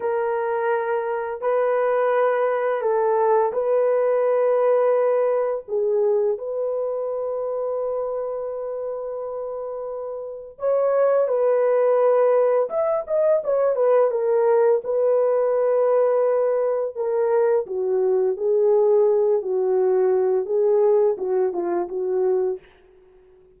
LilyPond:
\new Staff \with { instrumentName = "horn" } { \time 4/4 \tempo 4 = 85 ais'2 b'2 | a'4 b'2. | gis'4 b'2.~ | b'2. cis''4 |
b'2 e''8 dis''8 cis''8 b'8 | ais'4 b'2. | ais'4 fis'4 gis'4. fis'8~ | fis'4 gis'4 fis'8 f'8 fis'4 | }